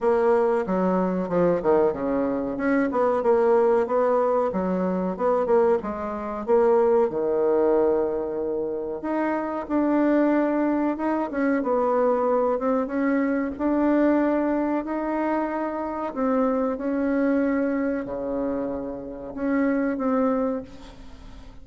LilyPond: \new Staff \with { instrumentName = "bassoon" } { \time 4/4 \tempo 4 = 93 ais4 fis4 f8 dis8 cis4 | cis'8 b8 ais4 b4 fis4 | b8 ais8 gis4 ais4 dis4~ | dis2 dis'4 d'4~ |
d'4 dis'8 cis'8 b4. c'8 | cis'4 d'2 dis'4~ | dis'4 c'4 cis'2 | cis2 cis'4 c'4 | }